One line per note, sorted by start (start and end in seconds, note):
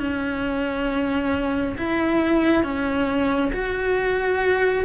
0.00 1.76 C#4
1.78 2.64 E4
2.64 3.52 C#4
3.53 4.85 F#4